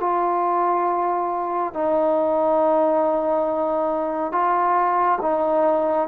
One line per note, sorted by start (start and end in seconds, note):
0.00 1.74 F4
1.74 4.32 D#4
4.32 5.19 F4
5.22 6.08 D#4